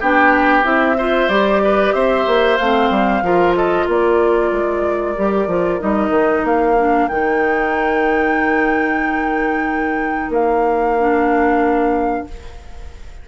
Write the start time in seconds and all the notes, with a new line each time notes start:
0.00 B3 D4 G4 G5
0.63 C4 E4 E5
0.98 F4 C5
1.29 G3 G4 D5
1.64 B4
1.93 C4 C5 E5
2.27 A#3
2.57 A3 C4 F5
2.90 G3
3.22 F3 F4 A#4
3.55 A4 D#5
3.86 A#3 A#4 D5
4.52 G#3
5.17 G3 G4
5.47 F3 F4
5.80 G3 D#4 D#5
6.10 D#3
6.44 A#3 F5
6.77 D4
7.08 D#3 D#4 G5
10.30 A#3 F5
10.99 D4